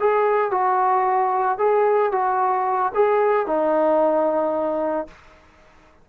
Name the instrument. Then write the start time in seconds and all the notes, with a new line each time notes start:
trombone
0.00 G#4
0.51 F#4
1.58 G#4
2.12 F#4
2.95 G#4
3.47 D#4